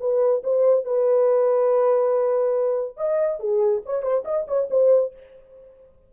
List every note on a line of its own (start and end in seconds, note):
0.00 0.43 B4
0.43 0.85 C5
0.85 2.97 B4
2.97 3.39 D#5
3.39 3.82 G#4
3.85 4.02 C#5
4.02 4.24 C5
4.25 4.46 D#5
4.47 4.68 C#5
4.70 5.13 C5